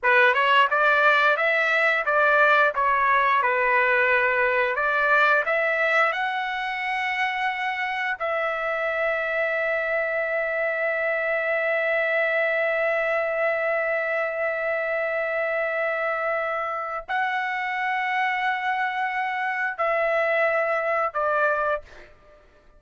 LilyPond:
\new Staff \with { instrumentName = "trumpet" } { \time 4/4 \tempo 4 = 88 b'8 cis''8 d''4 e''4 d''4 | cis''4 b'2 d''4 | e''4 fis''2. | e''1~ |
e''1~ | e''1~ | e''4 fis''2.~ | fis''4 e''2 d''4 | }